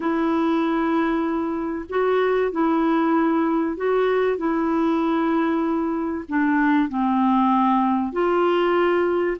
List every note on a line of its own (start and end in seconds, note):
0.00 1.85 E4
1.89 2.51 F#4
2.51 3.76 E4
3.76 4.37 F#4
4.37 6.24 E4
6.28 6.88 D4
6.88 8.12 C4
8.12 9.37 F4